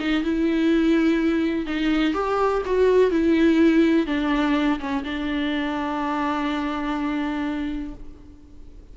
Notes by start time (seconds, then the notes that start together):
0.00 D#4
0.24 E4
1.66 D#4
2.14 G4
2.66 F#4
3.11 E4
4.07 D4
4.80 C#4
5.04 D4